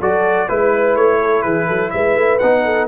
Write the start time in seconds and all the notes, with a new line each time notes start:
0.00 F#3 F#4 A4 D5
0.48 G#3 E4 B4
0.96 A3 C#5
1.21 A4
1.42 E3 G#4 B4
1.67 F#3 A4
1.90 G#3 B4 E5
2.16 A3
2.39 B3 D#4 F#5
2.64 A4